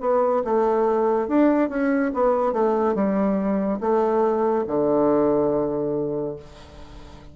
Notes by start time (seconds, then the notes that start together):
0.00 B3
0.44 A3
1.28 D4
1.69 C#4
2.14 B3
2.52 A3
2.94 G3
3.80 A3
4.67 D3